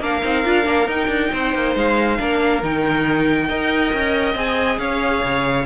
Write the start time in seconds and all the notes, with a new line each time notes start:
0.00 A#3 D4 A#4 F5
0.23 C4 D#4
0.44 D4 F4
0.64 A#3 D4
0.87 D#4 G5
1.08 D4
1.32 C4 C5
1.54 A#3
1.75 G#3 F5
2.18 A#3 D4 A#4
2.62 D#3 D#4 G5
3.49 D#4 A#4 D#5
3.93 C#4
4.35 C4 G#4 G#5
4.79 C#4 C#5 F5
5.23 C#3